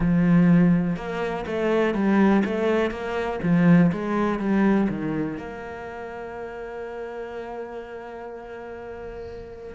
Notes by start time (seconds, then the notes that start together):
0.00 F3
0.96 A#3
1.46 A3
1.94 G3
2.44 A3
2.90 A#3
3.43 F3
3.92 G#3
4.39 G3
4.89 D#3
5.37 A#3